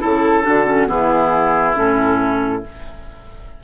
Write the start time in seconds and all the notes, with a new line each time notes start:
0.00 C#3 E4 A4
0.43 D3 D4 F#4
0.66 C#4
0.87 E3 B3 E4 G#4
1.74 A2 C#4 A4